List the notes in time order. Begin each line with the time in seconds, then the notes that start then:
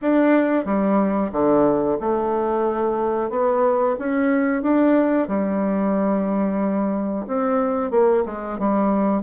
0.01 D4
0.65 G3
1.32 D3
2.00 A3
3.30 B3
3.98 C#4
4.62 D4
5.27 G3
7.27 C4
7.90 A#3
8.25 G#3
8.58 G3